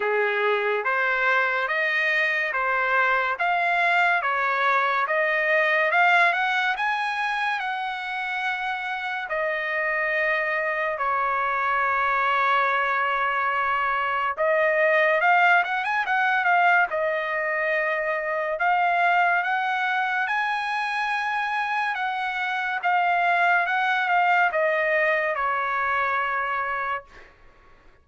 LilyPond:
\new Staff \with { instrumentName = "trumpet" } { \time 4/4 \tempo 4 = 71 gis'4 c''4 dis''4 c''4 | f''4 cis''4 dis''4 f''8 fis''8 | gis''4 fis''2 dis''4~ | dis''4 cis''2.~ |
cis''4 dis''4 f''8 fis''16 gis''16 fis''8 f''8 | dis''2 f''4 fis''4 | gis''2 fis''4 f''4 | fis''8 f''8 dis''4 cis''2 | }